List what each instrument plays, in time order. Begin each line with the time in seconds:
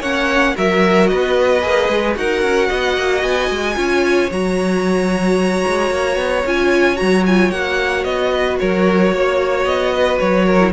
0.00 cello A#3, viola C#4, violin C#5 F#5
0.56 cello F#3, viola F#4, violin A#4 E5
1.07 cello B3, violin B4 D#5
1.61 cello A#3, viola G#4
1.89 cello G#3
2.15 cello D#4, viola F#4, violin A#4 F#5
2.42 cello C#4
2.68 cello B3, violin D#5
2.97 cello A#3
3.23 cello B3, violin G#5
3.50 cello G#3
3.75 cello C#4, viola F4, violin C#5
4.31 cello F#3, viola F#4, violin A#5
5.67 cello G#3
5.90 cello A#3
6.17 cello B3
6.46 cello C#4, viola F4, violin G#5
6.96 cello F#3, viola F#4, violin A#5
7.26 viola F4, violin G#5
7.51 cello A#3, viola F#4, violin F#5
8.04 cello B3, violin D#5
8.32 violin B4
8.59 cello F#3, violin A#4 C#5
9.12 cello A#3, violin C#5
9.65 cello B3, violin D#5
9.94 violin B4
10.19 cello F#3, violin C#5
10.46 violin A#4
10.60 viola E4